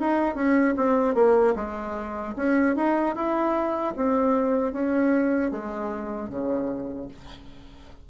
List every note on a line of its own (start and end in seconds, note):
0.00 0.35 D#4
0.35 0.75 C#4
0.76 1.15 C4
1.15 1.54 A#3
1.55 2.34 G#3
2.36 2.76 C#4
2.76 3.15 D#4
3.15 3.94 E4
3.96 4.73 C4
4.73 5.51 C#4
5.51 6.29 G#3
6.29 7.08 C#3